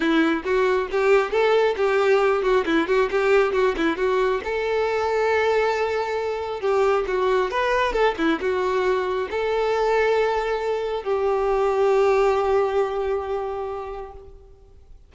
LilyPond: \new Staff \with { instrumentName = "violin" } { \time 4/4 \tempo 4 = 136 e'4 fis'4 g'4 a'4 | g'4. fis'8 e'8 fis'8 g'4 | fis'8 e'8 fis'4 a'2~ | a'2. g'4 |
fis'4 b'4 a'8 e'8 fis'4~ | fis'4 a'2.~ | a'4 g'2.~ | g'1 | }